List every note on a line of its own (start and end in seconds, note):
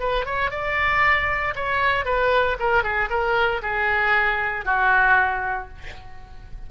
0.00 0.25 B4
0.25 0.51 C#5
0.51 1.54 D5
1.56 2.05 C#5
2.05 2.57 B4
2.60 2.83 A#4
2.83 3.09 G#4
3.10 3.62 A#4
3.63 4.65 G#4
4.65 5.69 F#4